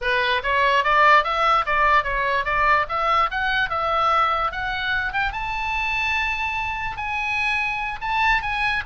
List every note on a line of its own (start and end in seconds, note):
0.01 0.42 B4
0.43 0.84 C#5
0.84 1.23 D5
1.23 1.65 E5
1.66 2.03 D5
2.03 2.44 C#5
2.44 2.85 D5
2.89 3.30 E5
3.31 3.69 F#5
3.69 4.51 E5
4.51 5.13 F#5
5.13 5.32 G5
5.32 6.96 A5
6.96 7.99 G#5
8.01 8.42 A5
8.42 8.83 G#5